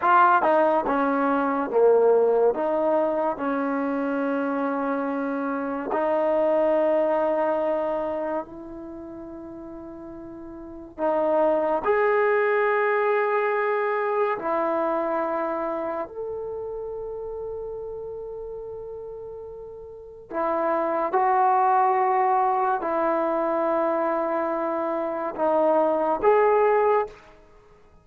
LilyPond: \new Staff \with { instrumentName = "trombone" } { \time 4/4 \tempo 4 = 71 f'8 dis'8 cis'4 ais4 dis'4 | cis'2. dis'4~ | dis'2 e'2~ | e'4 dis'4 gis'2~ |
gis'4 e'2 a'4~ | a'1 | e'4 fis'2 e'4~ | e'2 dis'4 gis'4 | }